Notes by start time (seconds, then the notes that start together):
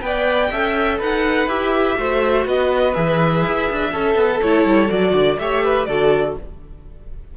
0.00 B3 B4 D5 G5
0.51 C#4 A4 E5
0.98 D#4 B4 F#5
1.47 E4 G4 E5
1.96 A3 F#4 C5
2.45 B3 B4 D#5
2.94 E3 G#4 E5
3.45 E4
3.71 D4
3.91 C#4 A4
4.15 B3
4.41 A3 E4 C#5
4.65 G3
4.88 F#3 F#4 D5
5.12 D3 D5
5.38 A3 G4 C#5 E5
5.64 B4
5.85 D3 F#4 A4 D5